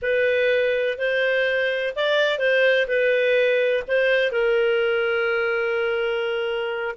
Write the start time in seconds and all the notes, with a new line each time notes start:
0.01 B4
0.98 C5
1.95 D5
2.38 C5
2.87 B4
3.87 C5
4.31 A#4